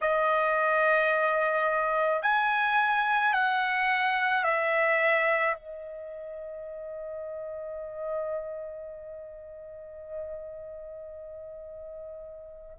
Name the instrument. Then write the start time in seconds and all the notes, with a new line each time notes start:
trumpet
0.01 D#5
2.22 G#5
3.33 F#5
4.43 E5
5.54 D#5